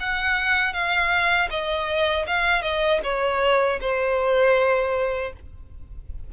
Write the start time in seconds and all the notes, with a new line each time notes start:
0.00 F#5
0.73 F5
1.51 D#5
2.27 F5
2.62 D#5
3.04 C#5
3.81 C5